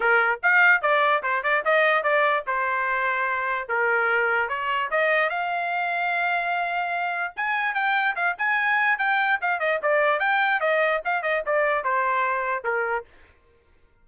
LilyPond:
\new Staff \with { instrumentName = "trumpet" } { \time 4/4 \tempo 4 = 147 ais'4 f''4 d''4 c''8 d''8 | dis''4 d''4 c''2~ | c''4 ais'2 cis''4 | dis''4 f''2.~ |
f''2 gis''4 g''4 | f''8 gis''4. g''4 f''8 dis''8 | d''4 g''4 dis''4 f''8 dis''8 | d''4 c''2 ais'4 | }